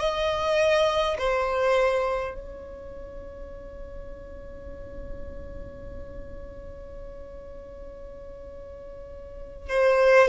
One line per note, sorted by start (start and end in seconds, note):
0.00 1.18 D#5
1.19 2.35 C5
2.35 9.70 C#5
9.70 10.28 C5